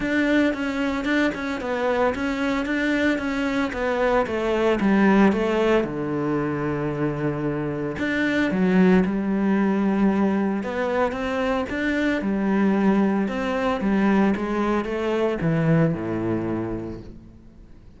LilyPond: \new Staff \with { instrumentName = "cello" } { \time 4/4 \tempo 4 = 113 d'4 cis'4 d'8 cis'8 b4 | cis'4 d'4 cis'4 b4 | a4 g4 a4 d4~ | d2. d'4 |
fis4 g2. | b4 c'4 d'4 g4~ | g4 c'4 g4 gis4 | a4 e4 a,2 | }